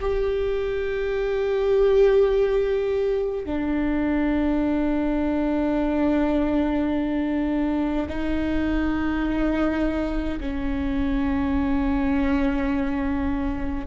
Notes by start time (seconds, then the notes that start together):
0.00 G4
3.46 D4
8.09 D#4
10.40 C#4